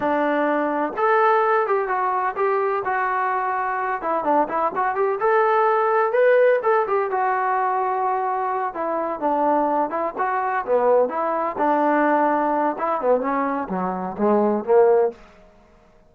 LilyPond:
\new Staff \with { instrumentName = "trombone" } { \time 4/4 \tempo 4 = 127 d'2 a'4. g'8 | fis'4 g'4 fis'2~ | fis'8 e'8 d'8 e'8 fis'8 g'8 a'4~ | a'4 b'4 a'8 g'8 fis'4~ |
fis'2~ fis'8 e'4 d'8~ | d'4 e'8 fis'4 b4 e'8~ | e'8 d'2~ d'8 e'8 b8 | cis'4 fis4 gis4 ais4 | }